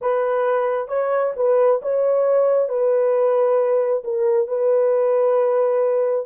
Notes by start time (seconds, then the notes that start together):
0.01 B4
0.88 C#5
1.36 B4
1.82 C#5
2.68 B4
4.04 A#4
4.47 B4